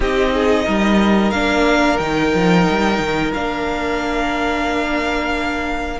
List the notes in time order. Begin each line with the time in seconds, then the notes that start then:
0.00 C4 D#4 G4 D#5
0.33 G#4
0.65 G3 A#4
1.30 A#3 D4 F5
1.97 D#3 D#4 G5
2.34 F3
2.69 G3
2.99 D#3
3.33 A#3 D4 F5